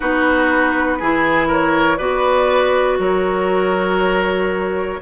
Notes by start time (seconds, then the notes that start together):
0.00 B3 D#4 F#4 B4
0.98 E3 E4 G#4
1.47 A#4 C#5
1.97 B3 F#4 B4 D5
2.99 F#3 A#4 C#5